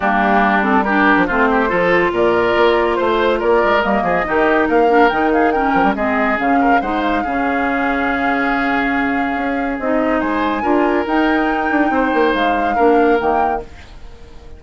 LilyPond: <<
  \new Staff \with { instrumentName = "flute" } { \time 4/4 \tempo 4 = 141 g'4. a'8 ais'4 c''4~ | c''4 d''2 c''4 | d''4 dis''2 f''4 | g''8 f''8 g''4 dis''4 f''4 |
fis''8 f''2.~ f''8~ | f''2. dis''4 | gis''2 g''2~ | g''4 f''2 g''4 | }
  \new Staff \with { instrumentName = "oboe" } { \time 4/4 d'2 g'4 f'8 g'8 | a'4 ais'2 c''4 | ais'4. gis'8 g'4 ais'4~ | ais'8 gis'8 ais'4 gis'4. ais'8 |
c''4 gis'2.~ | gis'1 | c''4 ais'2. | c''2 ais'2 | }
  \new Staff \with { instrumentName = "clarinet" } { \time 4/4 ais4. c'8 d'4 c'4 | f'1~ | f'4 ais4 dis'4. d'8 | dis'4 cis'4 c'4 cis'4 |
dis'4 cis'2.~ | cis'2. dis'4~ | dis'4 f'4 dis'2~ | dis'2 d'4 ais4 | }
  \new Staff \with { instrumentName = "bassoon" } { \time 4/4 g2~ g8. f16 a4 | f4 ais,4 ais4 a4 | ais8 gis8 g8 f8 dis4 ais4 | dis4. f16 g16 gis4 cis4 |
gis4 cis2.~ | cis2 cis'4 c'4 | gis4 d'4 dis'4. d'8 | c'8 ais8 gis4 ais4 dis4 | }
>>